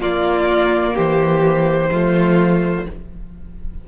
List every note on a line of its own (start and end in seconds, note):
0.00 0.95 A#3
0.00 1.91 A#3
0.00 0.94 F4
0.00 0.97 D5
0.94 1.90 E3
0.94 1.89 G4
0.94 2.88 C5
1.90 2.85 F3
1.90 2.86 A3
1.90 2.87 F4